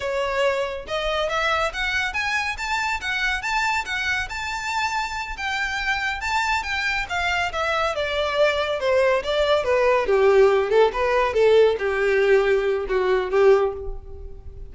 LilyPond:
\new Staff \with { instrumentName = "violin" } { \time 4/4 \tempo 4 = 140 cis''2 dis''4 e''4 | fis''4 gis''4 a''4 fis''4 | a''4 fis''4 a''2~ | a''8 g''2 a''4 g''8~ |
g''8 f''4 e''4 d''4.~ | d''8 c''4 d''4 b'4 g'8~ | g'4 a'8 b'4 a'4 g'8~ | g'2 fis'4 g'4 | }